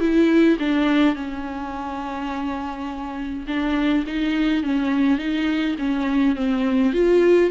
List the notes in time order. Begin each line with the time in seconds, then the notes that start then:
0.00 E4
0.59 D4
1.15 C#4
3.47 D4
4.07 D#4
4.63 C#4
5.18 D#4
5.78 C#4
6.36 C4
6.93 F4